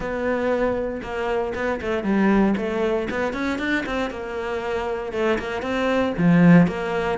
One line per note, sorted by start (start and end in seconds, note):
0.00 1.01 B3
1.02 1.53 A#3
1.55 1.80 B3
1.81 2.03 A3
2.03 2.55 G3
2.57 3.08 A3
3.10 3.33 B3
3.33 3.58 C#4
3.59 3.84 D4
3.86 4.10 C4
4.10 5.12 A#3
5.12 5.38 A3
5.38 5.62 A#3
5.62 6.13 C4
6.17 6.67 F3
6.67 7.18 A#3